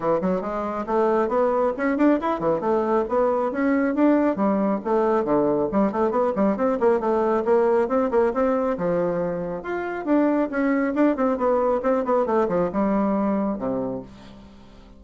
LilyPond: \new Staff \with { instrumentName = "bassoon" } { \time 4/4 \tempo 4 = 137 e8 fis8 gis4 a4 b4 | cis'8 d'8 e'8 e8 a4 b4 | cis'4 d'4 g4 a4 | d4 g8 a8 b8 g8 c'8 ais8 |
a4 ais4 c'8 ais8 c'4 | f2 f'4 d'4 | cis'4 d'8 c'8 b4 c'8 b8 | a8 f8 g2 c4 | }